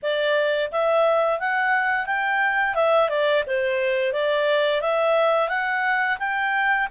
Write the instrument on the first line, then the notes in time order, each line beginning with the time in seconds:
clarinet
0.02 D5
0.71 E5
1.39 F#5
2.05 G5
2.74 E5
3.08 D5
3.47 C5
4.13 D5
4.81 E5
5.48 F#5
6.19 G5